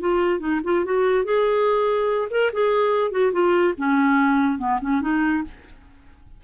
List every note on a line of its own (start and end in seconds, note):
0.00 0.39 F4
0.39 0.60 D#4
0.64 0.85 F4
0.85 1.24 F#4
1.24 2.28 G#4
2.30 2.51 A#4
2.53 3.11 G#4
3.11 3.32 F#4
3.32 3.74 F4
3.77 4.59 C#4
4.59 4.79 B3
4.81 5.01 C#4
5.01 5.43 D#4